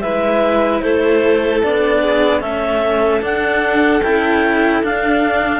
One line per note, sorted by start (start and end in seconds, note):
0.00 0.82 G#3
0.00 1.63 E4
0.00 0.83 B4
0.00 0.80 E5
0.80 1.63 A3
0.80 2.02 A4
0.80 1.60 C5
1.63 2.43 B3
1.63 2.40 D4
1.63 2.41 D5
2.02 2.41 G#4
2.40 3.22 A3
2.40 3.20 C#4
2.40 5.60 A4
2.40 3.21 E5
3.21 4.01 D4
3.21 4.02 D4
3.21 4.02 F#5
4.02 4.82 C#4
4.02 4.83 E4
4.02 4.82 G5
4.83 5.60 D4
4.83 5.60 F5